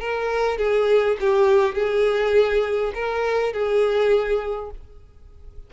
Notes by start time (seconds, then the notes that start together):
0.00 A#4
0.58 G#4
1.20 G4
1.75 G#4
2.94 A#4
3.53 G#4